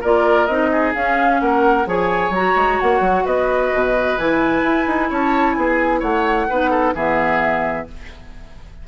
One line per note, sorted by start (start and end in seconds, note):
0.00 0.48 A#3
0.00 0.49 F4
0.00 0.69 A#4
0.00 0.46 D5
0.46 0.94 C4
0.46 0.95 D#4
0.46 0.92 D#5
0.71 1.41 G#4
0.95 1.40 C#4
0.95 1.85 C#4
0.95 1.40 F5
1.40 1.86 A#3
1.40 1.88 A#4
1.40 1.87 F#5
1.85 2.30 F3
1.85 2.32 G#4
1.85 3.25 C#5
1.85 2.34 G#5
2.30 2.53 F#3
2.30 2.80 A#5
2.36 4.18 F#4
2.56 2.79 G#3
2.80 3.00 A#3
2.80 3.26 F#5
3.00 3.23 F#3
3.25 3.72 B3
3.25 5.09 B4
3.25 4.18 D#5
3.73 4.18 B2
4.18 4.62 E3
4.18 6.49 E4
4.18 5.10 G#5
4.62 4.85 E4
4.87 5.10 D#4
5.09 5.56 C#4
5.09 5.56 C#5
5.09 5.53 A5
5.53 6.02 B3
5.53 6.00 G#4
5.53 5.99 G#5
6.00 6.48 A3
6.00 6.46 C#5
6.00 6.94 F#5
6.49 6.94 B3
6.49 6.95 D#4
6.49 6.70 B4
6.70 6.93 A4
6.94 7.86 E3
6.94 7.87 B3
6.94 7.87 G#4
6.94 7.87 E5